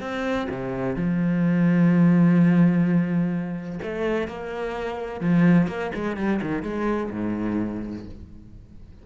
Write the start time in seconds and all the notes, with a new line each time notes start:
0.00 C4
0.50 C3
0.95 F3
3.82 A3
4.28 A#3
5.20 F3
5.67 A#3
5.94 G#3
6.16 G3
6.41 D#3
6.62 G#3
7.11 G#2